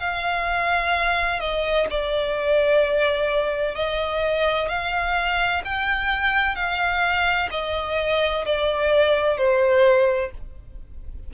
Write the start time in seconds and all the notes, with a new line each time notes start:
0.00 F5
1.40 D#5
1.90 D5
3.75 D#5
4.69 F5
5.65 G5
6.55 F5
7.51 D#5
8.45 D5
9.37 C5